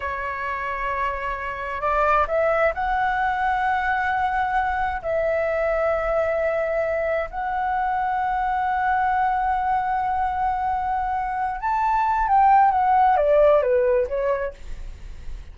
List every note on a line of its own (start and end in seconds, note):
0.00 1.81 C#5
1.81 2.26 D5
2.27 2.73 E5
2.74 5.01 F#5
5.02 7.29 E5
7.30 11.60 F#5
11.60 12.27 A5
12.27 12.71 G5
12.71 13.16 F#5
13.16 13.62 D5
13.62 14.07 B4
14.08 14.53 C#5